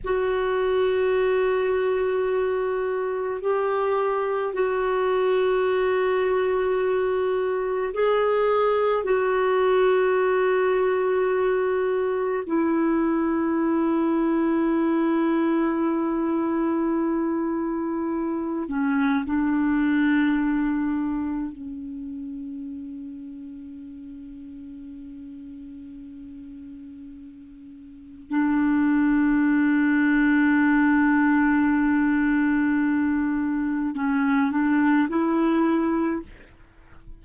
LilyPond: \new Staff \with { instrumentName = "clarinet" } { \time 4/4 \tempo 4 = 53 fis'2. g'4 | fis'2. gis'4 | fis'2. e'4~ | e'1~ |
e'8 cis'8 d'2 cis'4~ | cis'1~ | cis'4 d'2.~ | d'2 cis'8 d'8 e'4 | }